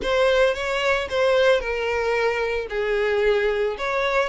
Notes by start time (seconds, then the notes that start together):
0.02 C5
0.54 C#5
1.09 C5
1.60 A#4
2.69 G#4
3.77 C#5